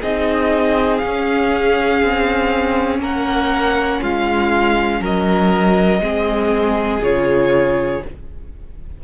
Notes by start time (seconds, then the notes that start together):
0.00 C4 D#4 G#4 D#5
0.98 C#4 F5
2.02 C4
2.99 A#3 A#4 F#5
4.02 G#3 F4 F5
5.00 F#3 A#4 D#5
6.00 G#3 C4 G#4
7.02 C#3 F4 C#5